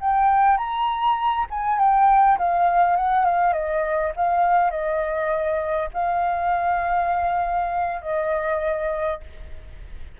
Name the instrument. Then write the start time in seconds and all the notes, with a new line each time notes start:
flute
0.00 G5
0.57 A#5
1.50 G#5
1.78 G5
2.38 F5
2.96 F#5
3.25 F5
3.52 D#5
4.16 F5
4.70 D#5
5.93 F5
8.01 D#5